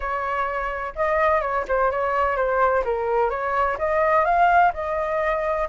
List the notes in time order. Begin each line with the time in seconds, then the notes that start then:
0.00 C#5
0.95 D#5
1.41 C#5
1.68 C5
1.91 C#5
2.36 C5
2.84 A#4
3.29 C#5
3.78 D#5
4.24 F5
4.73 D#5